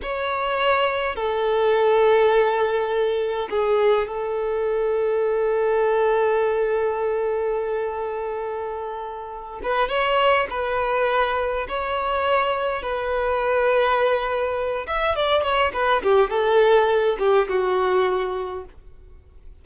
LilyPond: \new Staff \with { instrumentName = "violin" } { \time 4/4 \tempo 4 = 103 cis''2 a'2~ | a'2 gis'4 a'4~ | a'1~ | a'1~ |
a'8 b'8 cis''4 b'2 | cis''2 b'2~ | b'4. e''8 d''8 cis''8 b'8 g'8 | a'4. g'8 fis'2 | }